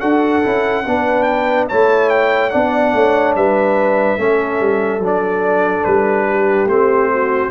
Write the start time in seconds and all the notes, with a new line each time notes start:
0.00 D4 F#4 A4 F#5
0.43 C#4 E4
0.86 B3 D4 B4
1.23 G5
1.69 A3 E4 C#5 A5
2.10 G5
2.50 B3 D4 D5 F#5
2.94 A3 C#5
3.36 G3 B4 E5
4.18 A3 C#4 A4
4.61 G3
4.99 F#3 D4
5.07 D5
5.84 G3 B4
6.30 G4
6.66 A3 C4 C5
7.11 F#4